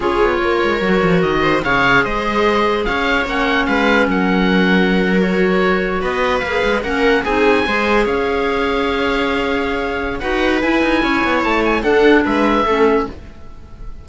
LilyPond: <<
  \new Staff \with { instrumentName = "oboe" } { \time 4/4 \tempo 4 = 147 cis''2. dis''4 | f''4 dis''2 f''4 | fis''4 f''4 fis''2~ | fis''8. cis''2 dis''4 f''16~ |
f''8. fis''4 gis''2 f''16~ | f''1~ | f''4 fis''4 gis''2 | a''8 gis''8 fis''4 e''2 | }
  \new Staff \with { instrumentName = "viola" } { \time 4/4 gis'4 ais'2~ ais'8 c''8 | cis''4 c''2 cis''4~ | cis''4 b'4 ais'2~ | ais'2~ ais'8. b'4~ b'16~ |
b'8. ais'4 gis'4 c''4 cis''16~ | cis''1~ | cis''4 b'2 cis''4~ | cis''4 a'4 b'4 a'4 | }
  \new Staff \with { instrumentName = "clarinet" } { \time 4/4 f'2 fis'2 | gis'1 | cis'1~ | cis'8. fis'2. gis'16~ |
gis'8. cis'4 dis'4 gis'4~ gis'16~ | gis'1~ | gis'4 fis'4 e'2~ | e'4 d'2 cis'4 | }
  \new Staff \with { instrumentName = "cello" } { \time 4/4 cis'8 b8 ais8 gis8 fis8 f8 dis4 | cis4 gis2 cis'4 | ais4 gis4 fis2~ | fis2~ fis8. b4 ais16~ |
ais16 gis8 ais4 c'4 gis4 cis'16~ | cis'1~ | cis'4 dis'4 e'8 dis'8 cis'8 b8 | a4 d'4 gis4 a4 | }
>>